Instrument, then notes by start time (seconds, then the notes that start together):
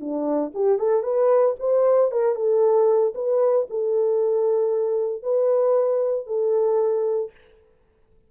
horn
0.00 D4
0.54 G4
0.78 A4
1.03 B4
1.59 C5
2.11 A#4
2.35 A4
3.15 B4
3.69 A4
5.22 B4
6.27 A4